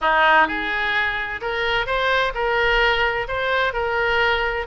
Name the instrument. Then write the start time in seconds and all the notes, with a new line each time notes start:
oboe
0.01 D#4
0.47 G#4
1.41 A#4
1.86 C5
2.34 A#4
3.27 C5
3.73 A#4